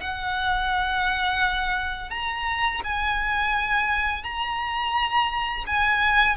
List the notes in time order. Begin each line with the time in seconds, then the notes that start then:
0.00 F#5
2.10 A#5
2.84 G#5
4.23 A#5
5.66 G#5